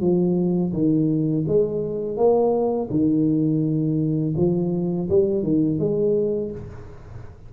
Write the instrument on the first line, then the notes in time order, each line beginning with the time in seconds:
tuba
0.00 F3
0.72 D#3
1.47 G#3
2.17 A#3
2.90 D#3
4.36 F3
5.09 G3
5.42 D#3
5.79 G#3